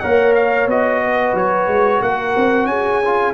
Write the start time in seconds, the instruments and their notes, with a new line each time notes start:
0.00 tuba A#3, trombone A#4, horn C#5, trumpet F#5
0.35 trumpet F5
0.67 tuba B3, trombone F#4, trumpet D#5
1.04 horn B4
1.34 tuba F#3, trumpet C#5
1.67 tuba G#3
2.02 tuba A#3, horn A#4, trumpet F#5
2.37 tuba C4
2.66 tuba C#4, horn G#4, trumpet G#5
3.05 trombone F4